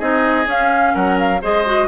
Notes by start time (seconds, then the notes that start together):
0.00 C4 D#4 G#4 D#5
0.45 C#4 F5
0.95 F#3 A#4 F#5
1.19 F5
1.42 G#3 G#4 C5 D#5
1.66 F#4